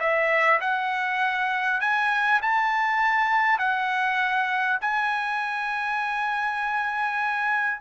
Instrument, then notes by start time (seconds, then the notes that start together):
trumpet
0.00 E5
0.61 F#5
1.81 G#5
2.42 A5
3.59 F#5
4.81 G#5